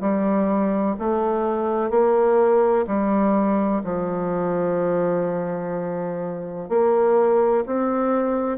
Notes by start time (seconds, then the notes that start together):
0.00 G3
0.99 A3
1.90 A#3
2.87 G3
3.84 F3
6.69 A#3
7.66 C4